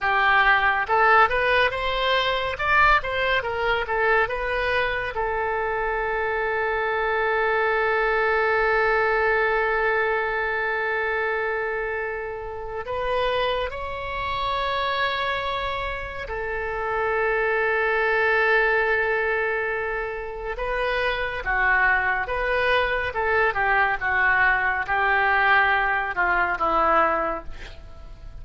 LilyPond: \new Staff \with { instrumentName = "oboe" } { \time 4/4 \tempo 4 = 70 g'4 a'8 b'8 c''4 d''8 c''8 | ais'8 a'8 b'4 a'2~ | a'1~ | a'2. b'4 |
cis''2. a'4~ | a'1 | b'4 fis'4 b'4 a'8 g'8 | fis'4 g'4. f'8 e'4 | }